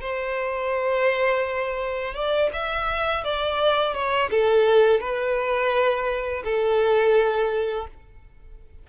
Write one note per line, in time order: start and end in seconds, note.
0.00 2.14 C5
2.14 2.49 D5
2.53 3.24 E5
3.24 3.94 D5
3.94 4.30 C#5
4.30 5.00 A4
5.00 6.43 B4
6.44 7.87 A4